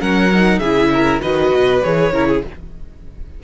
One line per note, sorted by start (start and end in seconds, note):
0.00 0.60 F#3
0.00 0.30 C#4
0.00 0.60 A#4
0.00 0.59 F#5
0.35 0.64 D#4
0.59 1.21 C#3
0.59 1.22 E4
0.59 0.90 G#4
0.59 1.20 E5
0.94 1.22 A#4
1.22 1.53 D#3
1.22 1.82 F#4
1.22 2.13 B4
1.22 1.83 D#5
1.54 1.84 B2
1.83 2.13 E3
1.83 2.13 G#4
1.83 2.44 C#5
2.13 2.43 C#3
2.13 2.44 E4
2.13 2.28 A#4
2.28 2.43 G#4